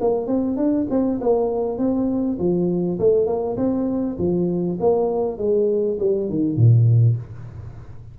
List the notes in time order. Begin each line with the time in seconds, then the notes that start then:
0.00 A#3
0.26 C4
0.56 D4
0.90 C4
1.21 A#3
1.78 C4
2.38 F3
2.99 A3
3.26 A#3
3.56 C4
4.18 F3
4.80 A#3
5.38 G#3
5.99 G3
6.29 D#3
6.56 A#2